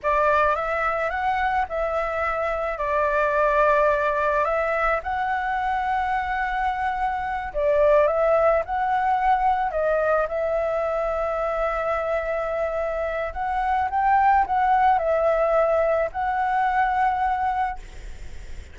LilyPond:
\new Staff \with { instrumentName = "flute" } { \time 4/4 \tempo 4 = 108 d''4 e''4 fis''4 e''4~ | e''4 d''2. | e''4 fis''2.~ | fis''4. d''4 e''4 fis''8~ |
fis''4. dis''4 e''4.~ | e''1 | fis''4 g''4 fis''4 e''4~ | e''4 fis''2. | }